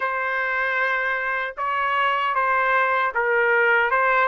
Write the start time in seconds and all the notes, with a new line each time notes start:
0.00 C5
1.57 C#5
2.34 C5
3.14 A#4
3.90 C5